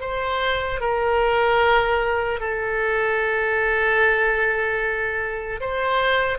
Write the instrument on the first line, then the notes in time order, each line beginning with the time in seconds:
oboe
0.00 C5
0.80 A#4
2.40 A4
5.60 C5